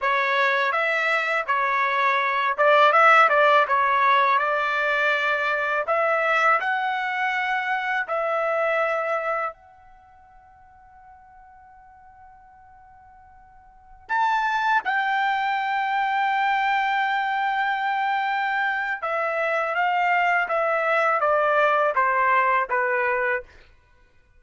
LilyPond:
\new Staff \with { instrumentName = "trumpet" } { \time 4/4 \tempo 4 = 82 cis''4 e''4 cis''4. d''8 | e''8 d''8 cis''4 d''2 | e''4 fis''2 e''4~ | e''4 fis''2.~ |
fis''2.~ fis''16 a''8.~ | a''16 g''2.~ g''8.~ | g''2 e''4 f''4 | e''4 d''4 c''4 b'4 | }